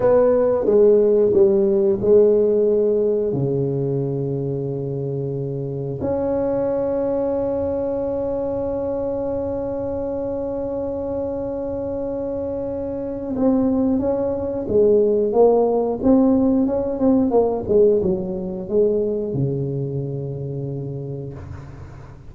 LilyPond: \new Staff \with { instrumentName = "tuba" } { \time 4/4 \tempo 4 = 90 b4 gis4 g4 gis4~ | gis4 cis2.~ | cis4 cis'2.~ | cis'1~ |
cis'1 | c'4 cis'4 gis4 ais4 | c'4 cis'8 c'8 ais8 gis8 fis4 | gis4 cis2. | }